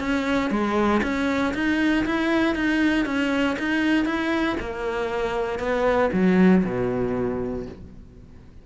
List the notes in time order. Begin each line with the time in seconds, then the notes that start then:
0.00 C#4
0.51 G#3
1.03 C#4
1.55 D#4
2.06 E4
2.55 D#4
3.06 C#4
3.59 D#4
4.05 E4
4.60 A#3
5.60 B3
6.13 F#3
6.65 B2